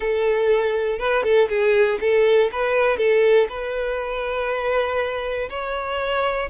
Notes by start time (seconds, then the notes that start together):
0.00 A4
0.98 B4
1.23 A4
1.48 G#4
2.00 A4
2.52 B4
2.97 A4
3.49 B4
5.49 C#5